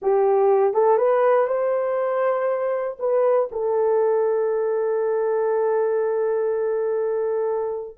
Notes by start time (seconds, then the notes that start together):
0.01 G4
0.73 A4
0.97 B4
1.47 C5
2.99 B4
3.51 A4